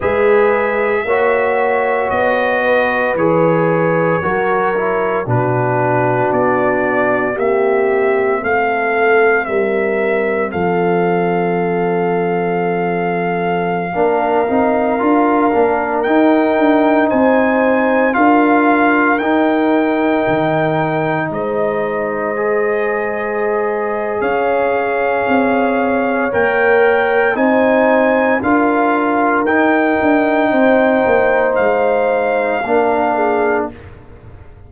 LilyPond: <<
  \new Staff \with { instrumentName = "trumpet" } { \time 4/4 \tempo 4 = 57 e''2 dis''4 cis''4~ | cis''4 b'4 d''4 e''4 | f''4 e''4 f''2~ | f''2.~ f''16 g''8.~ |
g''16 gis''4 f''4 g''4.~ g''16~ | g''16 dis''2~ dis''8. f''4~ | f''4 g''4 gis''4 f''4 | g''2 f''2 | }
  \new Staff \with { instrumentName = "horn" } { \time 4/4 b'4 cis''4. b'4. | ais'4 fis'2 g'4 | a'4 ais'4 a'2~ | a'4~ a'16 ais'2~ ais'8.~ |
ais'16 c''4 ais'2~ ais'8.~ | ais'16 c''2~ c''8. cis''4~ | cis''2 c''4 ais'4~ | ais'4 c''2 ais'8 gis'8 | }
  \new Staff \with { instrumentName = "trombone" } { \time 4/4 gis'4 fis'2 gis'4 | fis'8 e'8 d'2 c'4~ | c'1~ | c'4~ c'16 d'8 dis'8 f'8 d'8 dis'8.~ |
dis'4~ dis'16 f'4 dis'4.~ dis'16~ | dis'4~ dis'16 gis'2~ gis'8.~ | gis'4 ais'4 dis'4 f'4 | dis'2. d'4 | }
  \new Staff \with { instrumentName = "tuba" } { \time 4/4 gis4 ais4 b4 e4 | fis4 b,4 b4 ais4 | a4 g4 f2~ | f4~ f16 ais8 c'8 d'8 ais8 dis'8 d'16~ |
d'16 c'4 d'4 dis'4 dis8.~ | dis16 gis2~ gis8. cis'4 | c'4 ais4 c'4 d'4 | dis'8 d'8 c'8 ais8 gis4 ais4 | }
>>